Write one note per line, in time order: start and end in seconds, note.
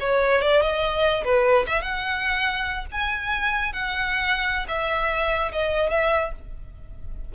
0.00 0.42 C#5
0.42 0.62 D5
0.62 1.24 D#5
1.24 1.66 B4
1.67 1.82 E5
1.82 2.86 F#5
2.92 3.73 G#5
3.73 4.66 F#5
4.68 5.52 E5
5.52 5.90 D#5
5.90 6.32 E5